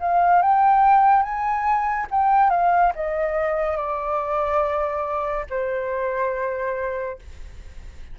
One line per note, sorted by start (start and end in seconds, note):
0.00 0.41 F5
0.41 1.22 G5
1.22 2.07 G#5
2.11 2.50 G5
2.50 2.92 F5
2.95 3.76 D#5
3.76 5.45 D5
5.50 7.19 C5